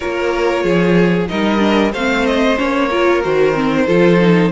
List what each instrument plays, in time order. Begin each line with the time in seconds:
0.00 cello A#3, viola F4, violin A#4 C#5
0.63 cello F3, violin G#4
1.27 cello G3, viola D#4, violin A#4 D#5
1.58 viola D4
1.92 cello A3, viola C4, violin C5 F5
2.26 violin D#5
2.56 cello A#3, viola C#4, violin C#5
2.90 viola F4, violin A#4
3.22 cello D#3, viola F#4, violin C5
3.53 viola C4
3.87 cello F3, viola F4, violin A4
4.20 viola D#4